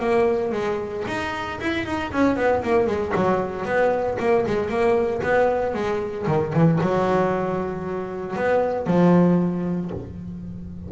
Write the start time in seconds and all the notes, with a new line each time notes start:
0.00 A#3
0.52 G#3
1.08 D#4
1.61 E4
1.86 D#4
2.12 C#4
2.37 B3
2.63 A#3
2.87 G#3
3.16 F#3
3.65 B3
4.20 A#3
4.47 G#3
4.70 A#3
5.23 B3
5.74 G#3
6.27 D#3
6.53 E3
6.81 F#3
8.36 B3
8.87 F3